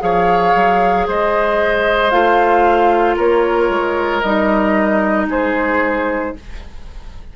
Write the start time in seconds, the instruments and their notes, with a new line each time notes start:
0.00 bassoon F3, clarinet G#4, oboe C#5, flute F5
0.55 bassoon F#3
1.08 bassoon G#3, oboe C5, flute D#5
2.11 bassoon A3, clarinet F4, flute F5
3.16 bassoon A#3, oboe A#4, flute C#5
3.69 bassoon G#3
4.22 bassoon G3, clarinet D#4, flute D#5
5.28 bassoon G#3, oboe G#4, flute C5